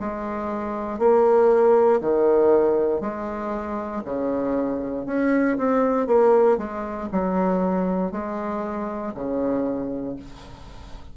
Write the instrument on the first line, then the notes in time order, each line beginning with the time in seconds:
bassoon
0.00 G#3
0.99 A#3
2.01 D#3
3.01 G#3
4.05 C#3
5.07 C#4
5.58 C4
6.07 A#3
6.58 G#3
7.12 F#3
8.12 G#3
9.15 C#3